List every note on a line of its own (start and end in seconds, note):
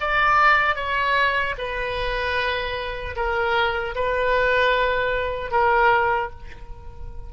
0.00 0.76 D5
0.76 1.55 C#5
1.58 3.15 B4
3.16 3.95 A#4
3.95 5.51 B4
5.51 6.30 A#4